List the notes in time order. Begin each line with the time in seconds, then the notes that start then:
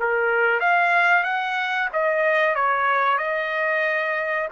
0.00 A#4
0.60 F5
1.24 F#5
1.93 D#5
2.55 C#5
3.18 D#5